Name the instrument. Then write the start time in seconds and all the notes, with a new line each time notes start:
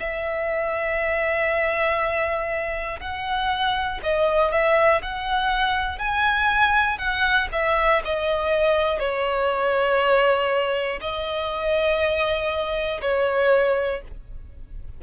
violin
0.00 E5
3.00 F#5
4.03 D#5
4.51 E5
5.02 F#5
5.99 G#5
6.98 F#5
7.52 E5
8.05 D#5
8.99 C#5
11.01 D#5
13.01 C#5